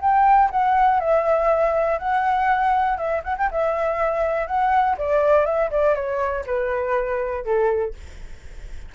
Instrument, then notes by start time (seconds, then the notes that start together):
flute
0.00 G5
0.50 F#5
1.00 E5
1.98 F#5
2.97 E5
3.23 F#5
3.37 G5
3.50 E5
4.47 F#5
4.98 D5
5.45 E5
5.70 D5
5.95 C#5
6.46 B4
7.44 A4